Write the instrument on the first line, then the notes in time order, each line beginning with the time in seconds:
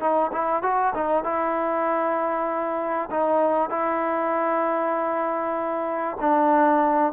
trombone
0.00 D#4
0.32 E4
0.62 F#4
0.94 D#4
1.24 E4
3.10 D#4
3.70 E4
6.20 D4